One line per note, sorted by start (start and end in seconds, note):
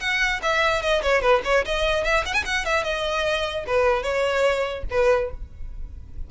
0.00 0.41 F#5
0.42 0.82 E5
0.82 1.02 D#5
1.03 1.21 C#5
1.21 1.42 B4
1.44 1.65 C#5
1.65 2.04 D#5
2.04 2.24 E5
2.26 2.34 F#5
2.34 2.44 G#5
2.45 2.65 F#5
2.65 2.84 E5
2.84 3.65 D#5
3.67 4.03 B4
4.03 4.84 C#5
4.90 5.31 B4